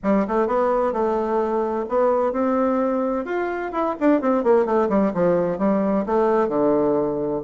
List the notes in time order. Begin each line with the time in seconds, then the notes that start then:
0.03 G3
0.27 A3
0.47 B3
0.92 A3
1.88 B3
2.32 C4
3.25 F4
3.72 E4
4.00 D4
4.21 C4
4.43 A#3
4.65 A3
4.89 G3
5.14 F3
5.58 G3
6.05 A3
6.48 D3